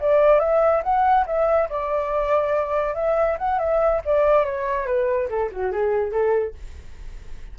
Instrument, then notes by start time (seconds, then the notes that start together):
flute
0.00 D5
0.39 E5
0.83 F#5
1.26 E5
1.69 D5
2.94 E5
3.38 F#5
3.58 E5
4.05 D5
4.45 C#5
4.86 B4
5.29 A4
5.51 F#4
5.72 G#4
6.12 A4